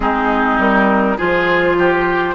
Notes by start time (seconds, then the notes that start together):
0.00 G#3 C4 D#4 G#4
0.58 G3 A#4
1.17 F3 F4 G#4 C5
1.78 G4